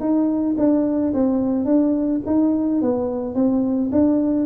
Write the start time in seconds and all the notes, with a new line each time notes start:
0.00 D#4
0.58 D4
1.14 C4
1.65 D4
2.26 D#4
2.82 B3
3.35 C4
3.92 D4